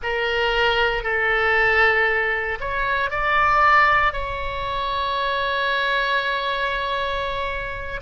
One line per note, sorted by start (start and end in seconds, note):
0.03 1.03 A#4
1.03 2.58 A4
2.60 3.10 C#5
3.10 4.12 D5
4.12 8.00 C#5